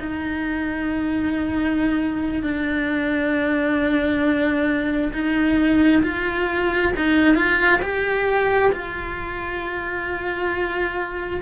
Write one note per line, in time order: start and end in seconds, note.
0.00 2.43 D#4
2.43 5.12 D4
5.13 6.03 D#4
6.03 6.93 F4
6.97 7.36 D#4
7.36 7.80 F4
7.82 8.72 G4
8.73 11.41 F4